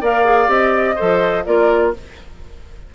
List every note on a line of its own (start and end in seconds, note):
0.00 0.48 A#3
0.00 0.24 A#4
0.00 0.95 D5
0.00 0.49 F5
0.24 0.47 G#4
0.47 0.96 C4
0.47 0.95 G4
0.47 1.45 D#5
0.95 1.46 F3
0.95 1.45 A4
0.95 1.43 C5
1.45 1.94 A#3
1.45 1.93 F4
1.45 1.94 A#4
1.45 1.93 D5